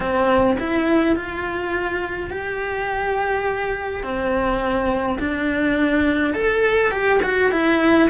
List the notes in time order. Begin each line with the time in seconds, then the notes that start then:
0.00 C4
0.59 E4
1.16 F4
2.30 G4
4.03 C4
5.19 D4
6.34 A4
6.91 G4
7.22 F#4
7.51 E4